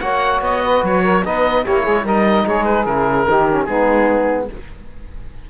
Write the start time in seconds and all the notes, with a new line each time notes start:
0.00 A#3 F#4 C#5 F#5
0.41 B3 D#5
0.63 B4
0.84 F#3 C#5
1.03 A#4
1.25 B3 D#4 B4 D#5
1.63 A#3 E4 G4 C#5
1.82 G#3 G#4
2.04 G3 D#4 A#4 D#5
2.45 G#3 G#4 C#5
2.65 B4
2.86 C#3 E4 A#4
3.28 D#3 D#4 G4
3.51 C#4
3.65 G#3 B3 D#4 G#4